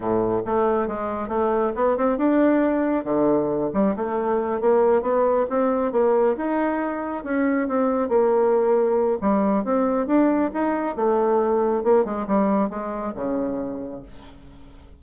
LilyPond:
\new Staff \with { instrumentName = "bassoon" } { \time 4/4 \tempo 4 = 137 a,4 a4 gis4 a4 | b8 c'8 d'2 d4~ | d8 g8 a4. ais4 b8~ | b8 c'4 ais4 dis'4.~ |
dis'8 cis'4 c'4 ais4.~ | ais4 g4 c'4 d'4 | dis'4 a2 ais8 gis8 | g4 gis4 cis2 | }